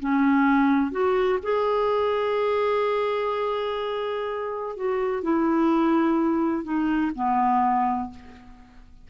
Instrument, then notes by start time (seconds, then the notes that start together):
clarinet
0.00 C#4
0.92 F#4
1.43 G#4
4.77 F#4
5.23 E4
6.64 D#4
7.15 B3